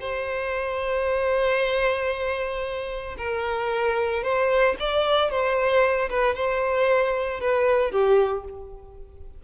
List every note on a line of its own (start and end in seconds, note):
0.00 3.16 C5
3.18 4.23 A#4
4.23 4.76 C5
4.79 5.30 D5
5.30 6.09 C5
6.09 6.35 B4
6.35 7.40 C5
7.40 7.91 B4
7.91 8.44 G4